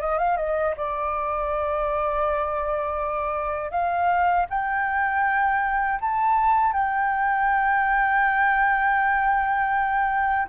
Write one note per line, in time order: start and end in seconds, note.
0.00 0.18 D#5
0.18 0.36 F5
0.36 0.74 D#5
0.77 3.71 D5
3.71 4.46 F5
4.49 5.99 G5
6.00 6.73 A5
6.73 10.48 G5